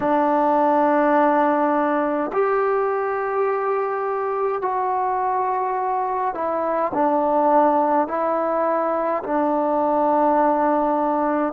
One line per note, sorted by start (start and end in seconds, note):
0.00 2.31 D4
2.32 4.62 G4
4.62 6.34 F#4
6.34 6.92 E4
6.94 8.07 D4
8.07 9.23 E4
9.23 11.53 D4